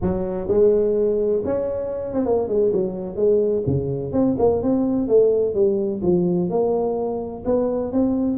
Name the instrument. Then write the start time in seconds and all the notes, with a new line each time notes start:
tuba
0.01 F#3
0.48 G#3
1.45 C#4
2.13 C4
2.25 A#3
2.47 G#3
2.73 F#3
3.15 G#3
3.66 C#3
4.12 C4
4.38 A#3
4.62 C4
5.08 A3
5.54 G3
6.02 F3
6.49 A#3
7.45 B3
7.92 C4